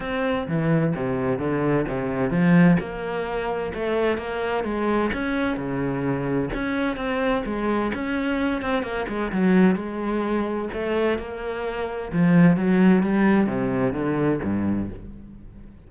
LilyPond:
\new Staff \with { instrumentName = "cello" } { \time 4/4 \tempo 4 = 129 c'4 e4 c4 d4 | c4 f4 ais2 | a4 ais4 gis4 cis'4 | cis2 cis'4 c'4 |
gis4 cis'4. c'8 ais8 gis8 | fis4 gis2 a4 | ais2 f4 fis4 | g4 c4 d4 g,4 | }